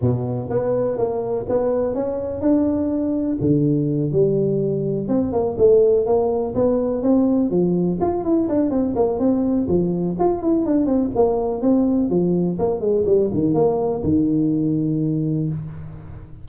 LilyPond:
\new Staff \with { instrumentName = "tuba" } { \time 4/4 \tempo 4 = 124 b,4 b4 ais4 b4 | cis'4 d'2 d4~ | d8 g2 c'8 ais8 a8~ | a8 ais4 b4 c'4 f8~ |
f8 f'8 e'8 d'8 c'8 ais8 c'4 | f4 f'8 e'8 d'8 c'8 ais4 | c'4 f4 ais8 gis8 g8 dis8 | ais4 dis2. | }